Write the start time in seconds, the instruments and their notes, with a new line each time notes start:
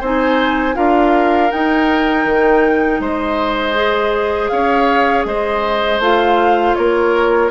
0.00 bassoon C4, clarinet D#4, oboe C5, flute G#5
0.74 bassoon D4, clarinet F4, oboe A#4, flute F5
1.49 clarinet D#4, bassoon D#4, flute G5
2.25 bassoon D#3
2.99 bassoon G#3, oboe C5, flute D#5
3.74 clarinet G#4
4.48 bassoon C#4, oboe C#5, flute F5
5.25 bassoon G#3, oboe C5, flute D#5
5.99 bassoon A3, clarinet F4, flute F5
6.75 bassoon A#3, oboe A#4, flute C#5